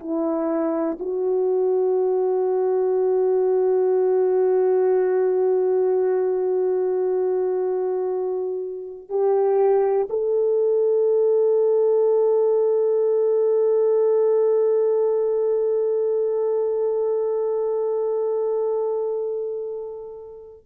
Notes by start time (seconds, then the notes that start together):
0.00 E4
1.00 F#4
9.09 G4
10.10 A4